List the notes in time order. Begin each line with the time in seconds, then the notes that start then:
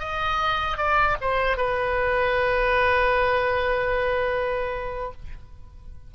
0.00 D#5
0.78 D5
1.22 C5
1.58 B4